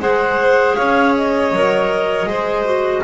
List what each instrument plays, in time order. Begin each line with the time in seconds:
0.00 double bass G#3, clarinet G#4 F#5, violin C5
0.75 double bass C#4, violin C#5, clarinet F5
1.17 clarinet D#5
1.52 double bass F#3, clarinet A#4
2.26 double bass G#3, clarinet G#4, violin C5
2.65 clarinet F#4